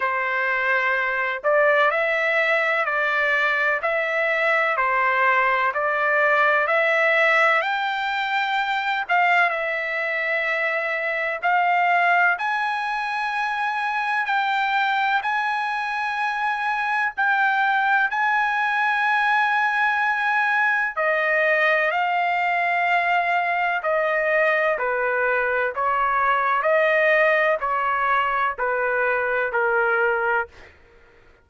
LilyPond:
\new Staff \with { instrumentName = "trumpet" } { \time 4/4 \tempo 4 = 63 c''4. d''8 e''4 d''4 | e''4 c''4 d''4 e''4 | g''4. f''8 e''2 | f''4 gis''2 g''4 |
gis''2 g''4 gis''4~ | gis''2 dis''4 f''4~ | f''4 dis''4 b'4 cis''4 | dis''4 cis''4 b'4 ais'4 | }